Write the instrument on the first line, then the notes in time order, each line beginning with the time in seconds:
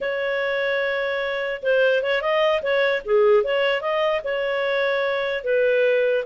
clarinet
0.00 C#5
1.62 C5
2.02 C#5
2.21 D#5
2.62 C#5
3.05 G#4
3.43 C#5
3.81 D#5
4.23 C#5
5.44 B4